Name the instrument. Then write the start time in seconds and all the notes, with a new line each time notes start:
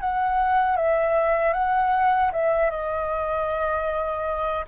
flute
0.00 F#5
0.77 E5
1.53 F#5
2.32 E5
2.70 D#5